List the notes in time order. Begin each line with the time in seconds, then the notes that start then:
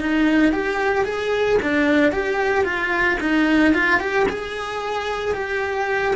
0.00 D#4
0.52 G4
1.05 G#4
1.62 D4
2.12 G4
2.64 F4
3.20 D#4
3.74 F4
4.00 G4
4.29 G#4
5.35 G4